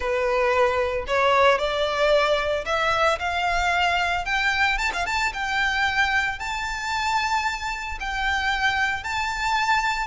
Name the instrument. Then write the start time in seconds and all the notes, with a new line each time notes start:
violin
0.00 B4
1.07 C#5
1.58 D5
2.65 E5
3.19 F5
4.25 G5
4.77 A5
4.93 F5
5.06 A5
5.33 G5
6.39 A5
8.00 G5
9.03 A5